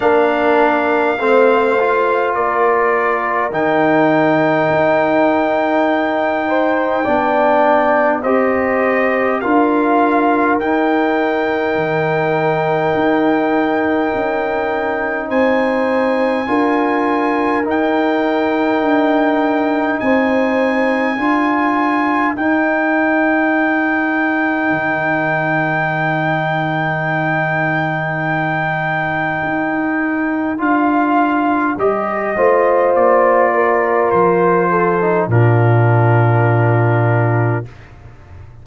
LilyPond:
<<
  \new Staff \with { instrumentName = "trumpet" } { \time 4/4 \tempo 4 = 51 f''2 d''4 g''4~ | g''2. dis''4 | f''4 g''2.~ | g''4 gis''2 g''4~ |
g''4 gis''2 g''4~ | g''1~ | g''2 f''4 dis''4 | d''4 c''4 ais'2 | }
  \new Staff \with { instrumentName = "horn" } { \time 4/4 ais'4 c''4 ais'2~ | ais'4. c''8 d''4 c''4 | ais'1~ | ais'4 c''4 ais'2~ |
ais'4 c''4 ais'2~ | ais'1~ | ais'2.~ ais'8 c''8~ | c''8 ais'4 a'8 f'2 | }
  \new Staff \with { instrumentName = "trombone" } { \time 4/4 d'4 c'8 f'4. dis'4~ | dis'2 d'4 g'4 | f'4 dis'2.~ | dis'2 f'4 dis'4~ |
dis'2 f'4 dis'4~ | dis'1~ | dis'2 f'4 g'8 f'8~ | f'4.~ f'16 dis'16 d'2 | }
  \new Staff \with { instrumentName = "tuba" } { \time 4/4 ais4 a4 ais4 dis4 | dis'2 b4 c'4 | d'4 dis'4 dis4 dis'4 | cis'4 c'4 d'4 dis'4 |
d'4 c'4 d'4 dis'4~ | dis'4 dis2.~ | dis4 dis'4 d'4 g8 a8 | ais4 f4 ais,2 | }
>>